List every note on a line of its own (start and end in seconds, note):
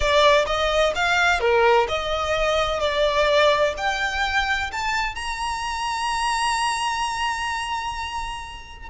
0.00 0.45 D5
0.46 0.93 D#5
0.95 1.40 F5
1.40 1.87 A#4
1.88 2.80 D#5
2.80 3.74 D5
3.77 4.70 G5
4.72 5.15 A5
5.15 8.89 A#5